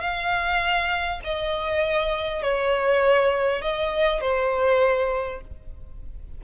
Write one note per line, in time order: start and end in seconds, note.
0.00 1.20 F5
1.24 2.42 D#5
2.42 3.62 C#5
3.62 4.21 D#5
4.21 5.41 C5